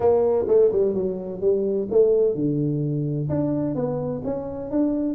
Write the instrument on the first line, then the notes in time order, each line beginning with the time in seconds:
tuba
0.00 A#3
0.47 A3
0.72 G3
0.94 F#3
1.41 G3
1.90 A3
2.34 D3
3.29 D4
3.75 B3
4.24 C#4
4.70 D4